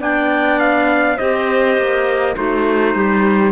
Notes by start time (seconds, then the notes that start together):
0.00 B3 D4 D5 G5
0.60 F5
1.16 C4 G4 C5 D#5
1.77 A#3
2.35 A3 D#4 F#4 C5
2.95 G3 G4